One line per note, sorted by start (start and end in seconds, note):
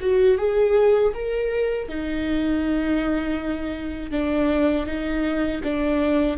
0.00 0.38 F#4
0.38 1.12 G#4
1.14 1.88 A#4
1.88 4.11 D#4
4.11 4.86 D4
4.86 5.61 D#4
5.63 6.37 D4